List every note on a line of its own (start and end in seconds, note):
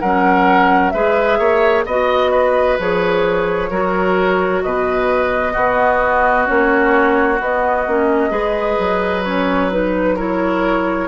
0.00 0.94 F#3
0.00 0.94 C#4
0.00 0.93 A#4
0.00 0.90 F#5
0.90 1.39 G#3
0.90 1.86 G#4
0.90 1.39 B4
0.90 1.82 E5
1.39 1.85 A#3
1.39 1.85 C#5
1.86 2.78 B3
1.86 2.79 F#4
1.86 2.31 D#5
1.86 2.78 D#5
2.31 3.69 B4
2.79 3.70 F3
2.79 3.71 G#4
2.79 4.62 C#5
3.70 4.62 F#3
3.70 5.55 F#4
3.70 4.62 A#4
4.62 5.55 B2
4.62 5.53 B4
4.62 6.47 D#5
5.53 6.45 B3
5.53 6.48 B3
5.53 8.30 F#4
6.45 7.40 A#3
6.45 7.37 C#4
6.45 7.39 C#5
7.40 7.86 B3
7.40 7.88 B3
7.40 9.24 D#5
7.87 8.30 A#3
7.87 8.30 C#4
8.30 8.76 G#3
8.30 9.23 G#4
8.30 10.15 B4
8.79 11.08 F#3
9.24 9.71 C#4
9.24 9.70 C#5
9.71 10.17 D#4
9.71 10.17 B4
10.15 11.08 E4
10.15 11.07 A#4
10.15 11.08 C#5